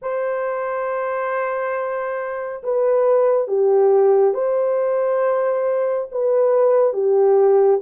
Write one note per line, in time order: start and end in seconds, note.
0.02 2.62 C5
2.63 3.47 B4
3.47 4.34 G4
4.34 6.08 C5
6.11 6.93 B4
6.93 7.80 G4